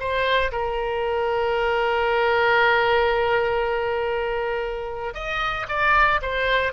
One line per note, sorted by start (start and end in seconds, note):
0.00 0.52 C5
0.52 5.15 A#4
5.15 5.67 D#5
5.69 6.21 D5
6.22 6.73 C5